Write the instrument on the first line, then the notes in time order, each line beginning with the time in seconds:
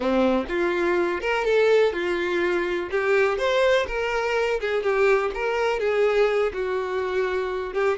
violin
0.00 C4
0.48 F4
1.21 A#4
1.45 A4
1.92 F4
2.90 G4
3.38 C5
3.87 A#4
4.60 G#4
4.83 G4
5.34 A#4
5.79 G#4
6.53 F#4
7.73 G4